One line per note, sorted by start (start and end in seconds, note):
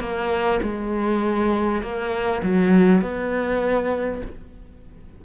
0.00 0.60 A#3
0.63 1.83 G#3
1.83 2.43 A#3
2.43 3.02 F#3
3.02 4.22 B3